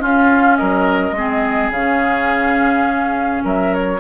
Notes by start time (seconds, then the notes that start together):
0.00 C#4 F4 F5
0.57 F#3 A#4 D#5
1.12 G#3 C4 G#4
1.71 C#3 C#4 F5
3.45 F#3 A#4 E5
3.74 C#5